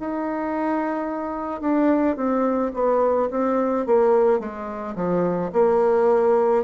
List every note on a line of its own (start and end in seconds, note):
0.00 1.61 D#4
1.61 2.16 D4
2.16 2.72 C4
2.74 3.30 B3
3.31 3.86 C4
3.86 4.40 A#3
4.40 4.95 G#3
4.96 5.52 F3
5.53 6.64 A#3